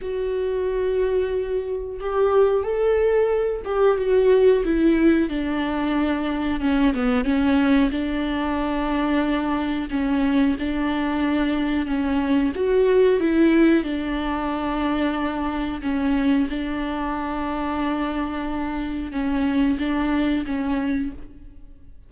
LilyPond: \new Staff \with { instrumentName = "viola" } { \time 4/4 \tempo 4 = 91 fis'2. g'4 | a'4. g'8 fis'4 e'4 | d'2 cis'8 b8 cis'4 | d'2. cis'4 |
d'2 cis'4 fis'4 | e'4 d'2. | cis'4 d'2.~ | d'4 cis'4 d'4 cis'4 | }